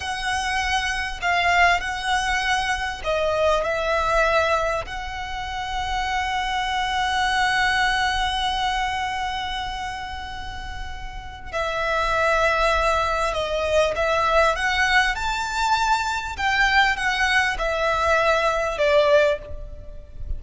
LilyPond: \new Staff \with { instrumentName = "violin" } { \time 4/4 \tempo 4 = 99 fis''2 f''4 fis''4~ | fis''4 dis''4 e''2 | fis''1~ | fis''1~ |
fis''2. e''4~ | e''2 dis''4 e''4 | fis''4 a''2 g''4 | fis''4 e''2 d''4 | }